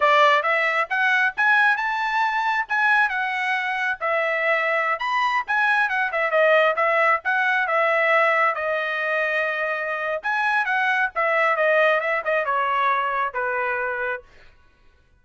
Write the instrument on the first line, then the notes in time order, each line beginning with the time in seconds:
trumpet
0.00 D5
0.43 E5
0.89 F#5
1.36 G#5
1.77 A5
2.68 G#5
3.09 F#5
4.00 E5
4.99 B5
5.47 G#5
5.89 F#5
6.12 E5
6.31 D#5
6.76 E5
7.24 F#5
7.67 E5
8.54 D#5
10.23 G#5
10.65 F#5
11.15 E5
11.56 D#5
12.00 E5
12.24 D#5
12.45 C#5
13.33 B4